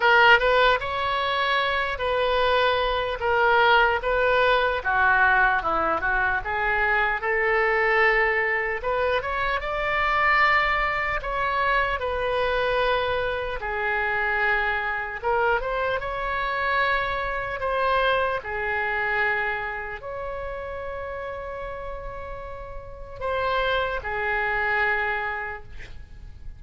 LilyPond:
\new Staff \with { instrumentName = "oboe" } { \time 4/4 \tempo 4 = 75 ais'8 b'8 cis''4. b'4. | ais'4 b'4 fis'4 e'8 fis'8 | gis'4 a'2 b'8 cis''8 | d''2 cis''4 b'4~ |
b'4 gis'2 ais'8 c''8 | cis''2 c''4 gis'4~ | gis'4 cis''2.~ | cis''4 c''4 gis'2 | }